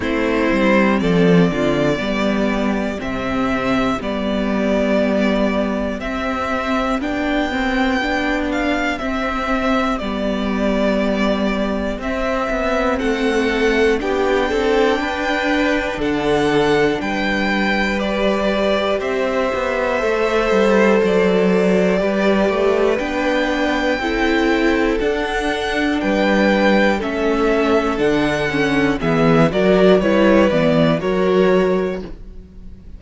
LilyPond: <<
  \new Staff \with { instrumentName = "violin" } { \time 4/4 \tempo 4 = 60 c''4 d''2 e''4 | d''2 e''4 g''4~ | g''8 f''8 e''4 d''2 | e''4 fis''4 g''2 |
fis''4 g''4 d''4 e''4~ | e''4 d''2 g''4~ | g''4 fis''4 g''4 e''4 | fis''4 e''8 d''8 cis''8 d''8 cis''4 | }
  \new Staff \with { instrumentName = "violin" } { \time 4/4 e'4 a'8 f'8 g'2~ | g'1~ | g'1~ | g'4 a'4 g'8 a'8 b'4 |
a'4 b'2 c''4~ | c''2 b'2 | a'2 b'4 a'4~ | a'4 gis'8 ais'8 b'4 ais'4 | }
  \new Staff \with { instrumentName = "viola" } { \time 4/4 c'2 b4 c'4 | b2 c'4 d'8 c'8 | d'4 c'4 b2 | c'2 d'2~ |
d'2 g'2 | a'2 g'4 d'4 | e'4 d'2 cis'4 | d'8 cis'8 b8 fis'8 e'8 b8 fis'4 | }
  \new Staff \with { instrumentName = "cello" } { \time 4/4 a8 g8 f8 d8 g4 c4 | g2 c'4 b4~ | b4 c'4 g2 | c'8 b8 a4 b8 c'8 d'4 |
d4 g2 c'8 b8 | a8 g8 fis4 g8 a8 b4 | c'4 d'4 g4 a4 | d4 e8 fis8 g8 e8 fis4 | }
>>